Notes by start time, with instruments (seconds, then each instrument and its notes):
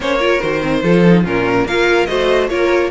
0.00 cello A#3, viola C#4, violin C5 C#5
0.18 viola F4, violin A#4
0.41 cello D#3, viola F#4, violin C5
0.61 viola C4
0.82 cello F3, viola F4, violin A4
1.05 viola D#4
1.23 cello A#2, viola C#4, violin F4 A#4
1.65 cello A#3, viola F4, violin A#4 F5
2.06 cello A3, viola F#4, violin C5 D#5
2.49 cello A#3, viola F4, violin A#4 C#5